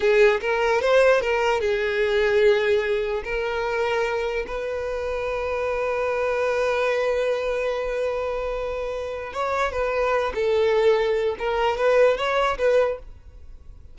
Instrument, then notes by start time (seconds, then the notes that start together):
violin
0.00 G#4
0.41 A#4
0.81 C5
1.21 A#4
1.60 G#4
3.24 A#4
4.46 B4
9.33 C#5
9.71 B4
10.34 A4
11.38 A#4
11.77 B4
12.17 C#5
12.57 B4